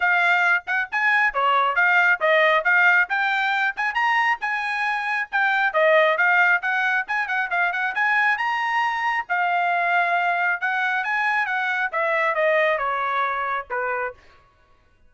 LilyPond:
\new Staff \with { instrumentName = "trumpet" } { \time 4/4 \tempo 4 = 136 f''4. fis''8 gis''4 cis''4 | f''4 dis''4 f''4 g''4~ | g''8 gis''8 ais''4 gis''2 | g''4 dis''4 f''4 fis''4 |
gis''8 fis''8 f''8 fis''8 gis''4 ais''4~ | ais''4 f''2. | fis''4 gis''4 fis''4 e''4 | dis''4 cis''2 b'4 | }